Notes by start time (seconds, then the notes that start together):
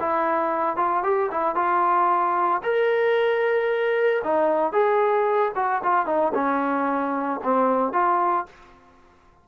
0.00 E4
0.77 F4
1.03 G4
1.32 E4
1.55 F4
2.63 A#4
4.24 D#4
4.73 G#4
5.56 F#4
5.83 F4
6.06 D#4
6.34 C#4
7.44 C4
7.93 F4